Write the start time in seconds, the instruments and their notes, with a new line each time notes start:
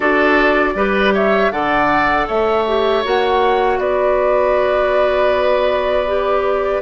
0.00 bassoon D4, clarinet F#4, oboe A4, flute D5
0.75 bassoon G3, clarinet G4, oboe B4
1.14 oboe C#5, flute E5
1.51 bassoon D3, clarinet A4, oboe D5, flute F#5
2.27 bassoon A3, oboe C#5, flute E5
2.67 clarinet G4
3.04 bassoon A#3, clarinet F#4, flute F#5
3.78 bassoon B3, oboe B4, flute D5
6.07 clarinet G4